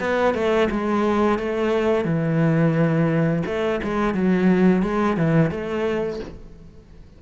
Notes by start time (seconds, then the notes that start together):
0.00 B3
0.34 A3
0.71 G#3
1.39 A3
2.05 E3
3.46 A3
3.83 G#3
4.14 F#3
4.82 G#3
5.17 E3
5.51 A3